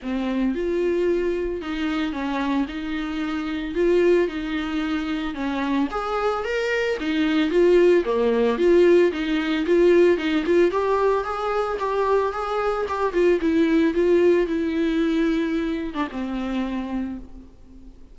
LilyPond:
\new Staff \with { instrumentName = "viola" } { \time 4/4 \tempo 4 = 112 c'4 f'2 dis'4 | cis'4 dis'2 f'4 | dis'2 cis'4 gis'4 | ais'4 dis'4 f'4 ais4 |
f'4 dis'4 f'4 dis'8 f'8 | g'4 gis'4 g'4 gis'4 | g'8 f'8 e'4 f'4 e'4~ | e'4.~ e'16 d'16 c'2 | }